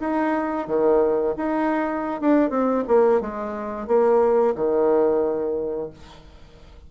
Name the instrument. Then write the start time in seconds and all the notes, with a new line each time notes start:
bassoon
0.00 D#4
0.67 D#3
1.37 D#4
2.21 D4
2.50 C4
2.88 A#3
3.21 G#3
3.87 A#3
4.55 D#3